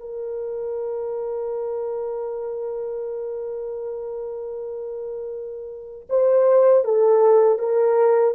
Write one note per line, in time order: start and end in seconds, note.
0.00 6.08 A#4
6.10 6.85 C5
6.85 7.59 A4
7.59 8.35 A#4